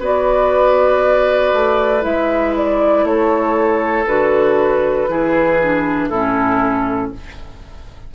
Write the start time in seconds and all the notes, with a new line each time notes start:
0.00 B3 F#4 B4 D5
1.54 A3
2.01 G#3 E4 E5
2.57 D5
3.04 A3 A4 C#5
4.07 D3 F#4 B4
5.09 E3 E4 G#4
5.63 D4
6.09 A2 C#4 E4 A4